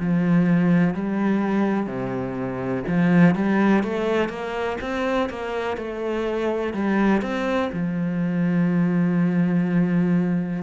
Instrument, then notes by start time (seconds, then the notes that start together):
cello
0.00 F3
0.95 G3
1.87 C3
2.88 F3
3.36 G3
3.84 A3
4.29 A#3
4.81 C4
5.30 A#3
5.78 A3
6.74 G3
7.22 C4
7.73 F3